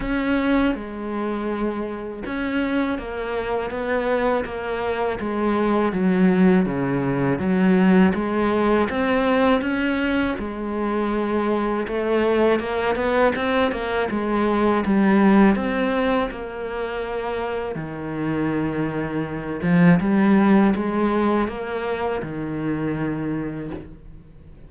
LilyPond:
\new Staff \with { instrumentName = "cello" } { \time 4/4 \tempo 4 = 81 cis'4 gis2 cis'4 | ais4 b4 ais4 gis4 | fis4 cis4 fis4 gis4 | c'4 cis'4 gis2 |
a4 ais8 b8 c'8 ais8 gis4 | g4 c'4 ais2 | dis2~ dis8 f8 g4 | gis4 ais4 dis2 | }